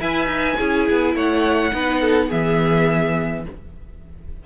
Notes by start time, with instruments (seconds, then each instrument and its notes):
0.00 cello E4, viola B4, violin E5 G#5
0.26 cello D#4
0.58 cello C#4, viola E4, violin G#4
0.90 cello B3
1.15 cello A3, violin C#5 F#5
1.72 cello B3, viola D#4, violin B4
2.01 violin A4
2.29 cello E3, viola B3, violin G#4 E5